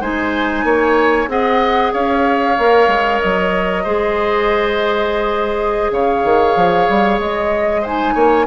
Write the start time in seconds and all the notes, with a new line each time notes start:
0.00 G#3 D#4 C5 G#5
0.63 A#3 C#5
1.27 C4 G#4 D#5 F#5
1.93 C#4 C#5 F5
2.58 A#3 A#4
2.87 G#3
3.20 F#3 D#5
3.84 G#3 G#4 C5
5.91 C#3 C#5 F5
6.24 D#3
6.56 F3
6.89 G3
7.19 G#3 D#5
7.81 D#4 C5 G#5
8.14 A#3 C#5